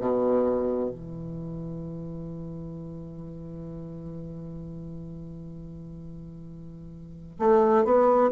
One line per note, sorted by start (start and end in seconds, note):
0.00 0.90 B2
0.90 7.36 E3
7.39 7.85 A3
7.85 8.31 B3